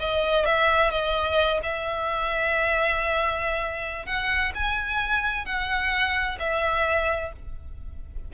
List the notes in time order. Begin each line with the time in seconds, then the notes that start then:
0.00 D#5
0.46 E5
0.91 D#5
1.63 E5
4.06 F#5
4.55 G#5
5.46 F#5
6.40 E5